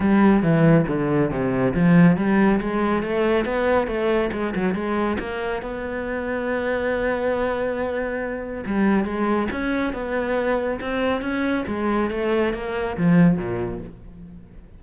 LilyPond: \new Staff \with { instrumentName = "cello" } { \time 4/4 \tempo 4 = 139 g4 e4 d4 c4 | f4 g4 gis4 a4 | b4 a4 gis8 fis8 gis4 | ais4 b2.~ |
b1 | g4 gis4 cis'4 b4~ | b4 c'4 cis'4 gis4 | a4 ais4 f4 ais,4 | }